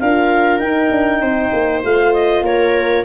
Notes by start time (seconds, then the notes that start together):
0.00 D4 F4 A#4 F5
0.59 D#4 G5
0.91 D4
1.21 C4 C5
1.53 A#3
1.84 A3 F4 F5
2.14 D#5
2.42 A#3 A#4 C#5